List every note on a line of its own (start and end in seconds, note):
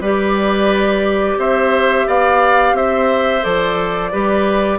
0.00 1.36 G3
0.00 3.42 G4
0.00 1.37 B4
0.00 1.40 D5
1.37 2.05 C4
1.37 2.07 C5
1.37 2.08 E5
2.07 2.73 B3
2.07 2.75 D5
2.07 2.76 F5
2.73 3.41 C4
2.73 4.12 C5
2.73 3.43 E5
3.42 4.12 F3
3.42 4.11 A4
3.42 4.78 D5
4.12 4.78 G3
4.12 4.78 G4
4.12 4.78 B4